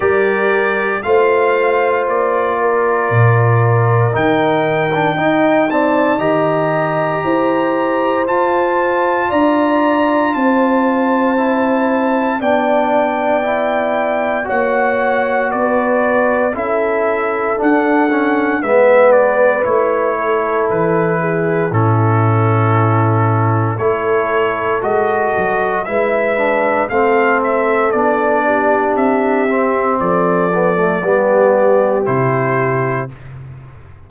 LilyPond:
<<
  \new Staff \with { instrumentName = "trumpet" } { \time 4/4 \tempo 4 = 58 d''4 f''4 d''2 | g''4. a''8 ais''2 | a''4 ais''4 a''2 | g''2 fis''4 d''4 |
e''4 fis''4 e''8 d''8 cis''4 | b'4 a'2 cis''4 | dis''4 e''4 f''8 e''8 d''4 | e''4 d''2 c''4 | }
  \new Staff \with { instrumentName = "horn" } { \time 4/4 ais'4 c''4. ais'4.~ | ais'4 dis''8 d''8 dis''4 c''4~ | c''4 d''4 c''2 | d''2 cis''4 b'4 |
a'2 b'4. a'8~ | a'8 gis'8 e'2 a'4~ | a'4 b'4 a'4. g'8~ | g'4 a'4 g'2 | }
  \new Staff \with { instrumentName = "trombone" } { \time 4/4 g'4 f'2. | dis'8. d'16 dis'8 c'8 g'2 | f'2. e'4 | d'4 e'4 fis'2 |
e'4 d'8 cis'8 b4 e'4~ | e'4 cis'2 e'4 | fis'4 e'8 d'8 c'4 d'4~ | d'8 c'4 b16 a16 b4 e'4 | }
  \new Staff \with { instrumentName = "tuba" } { \time 4/4 g4 a4 ais4 ais,4 | dis4 dis'4 dis4 e'4 | f'4 d'4 c'2 | b2 ais4 b4 |
cis'4 d'4 gis4 a4 | e4 a,2 a4 | gis8 fis8 gis4 a4 b4 | c'4 f4 g4 c4 | }
>>